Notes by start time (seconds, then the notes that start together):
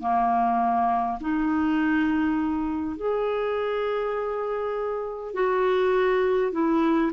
0.00 A#3
1.20 D#4
2.96 G#4
5.34 F#4
6.52 E4